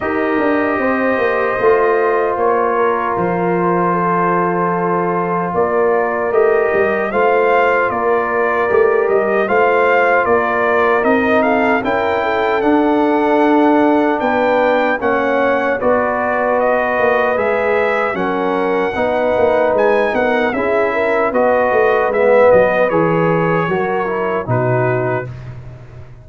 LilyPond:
<<
  \new Staff \with { instrumentName = "trumpet" } { \time 4/4 \tempo 4 = 76 dis''2. cis''4 | c''2. d''4 | dis''4 f''4 d''4. dis''8 | f''4 d''4 dis''8 f''8 g''4 |
fis''2 g''4 fis''4 | d''4 dis''4 e''4 fis''4~ | fis''4 gis''8 fis''8 e''4 dis''4 | e''8 dis''8 cis''2 b'4 | }
  \new Staff \with { instrumentName = "horn" } { \time 4/4 ais'4 c''2~ c''8 ais'8~ | ais'4 a'2 ais'4~ | ais'4 c''4 ais'2 | c''4 ais'4. a'8 ais'8 a'8~ |
a'2 b'4 cis''4 | b'2. ais'4 | b'4. ais'8 gis'8 ais'8 b'4~ | b'2 ais'4 fis'4 | }
  \new Staff \with { instrumentName = "trombone" } { \time 4/4 g'2 f'2~ | f'1 | g'4 f'2 g'4 | f'2 dis'4 e'4 |
d'2. cis'4 | fis'2 gis'4 cis'4 | dis'2 e'4 fis'4 | b4 gis'4 fis'8 e'8 dis'4 | }
  \new Staff \with { instrumentName = "tuba" } { \time 4/4 dis'8 d'8 c'8 ais8 a4 ais4 | f2. ais4 | a8 g8 a4 ais4 a8 g8 | a4 ais4 c'4 cis'4 |
d'2 b4 ais4 | b4. ais8 gis4 fis4 | b8 ais8 gis8 b8 cis'4 b8 a8 | gis8 fis8 e4 fis4 b,4 | }
>>